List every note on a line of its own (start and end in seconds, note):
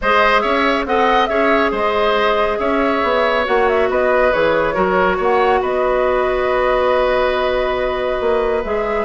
0.01 0.44 G#3
0.01 0.87 G#4
0.01 0.42 C5
0.01 0.40 D#5
0.40 0.85 C#4
0.40 0.85 C#5
0.40 0.83 E5
0.85 1.28 C4
0.85 1.29 A4
0.85 1.29 D#5
0.85 1.26 F#5
1.26 1.71 C#4
1.26 3.45 G#4
1.26 1.71 C#5
1.26 1.69 E5
1.71 2.58 G#3
1.71 2.58 C5
1.71 2.59 D#5
2.59 3.02 C#4
2.59 3.89 C#5
2.59 3.45 E5
3.03 3.46 B3
3.45 3.89 A#3
3.45 4.31 F#4
3.45 3.68 F#5
3.68 3.90 E5
3.89 4.32 B3
3.89 4.74 B4
3.89 4.32 D#5
4.32 4.76 E3
4.32 4.74 G#4
4.32 5.19 C#5
4.74 5.19 F#3
4.74 8.62 F#4
4.74 5.17 A#4
5.17 5.61 A#3
5.17 5.60 C#5
5.17 5.62 F#5
5.61 8.20 B3
5.61 9.05 B4
5.61 8.64 D#5
8.20 8.63 A#3
8.64 9.05 G#3
8.64 9.05 G#4
8.64 9.05 E5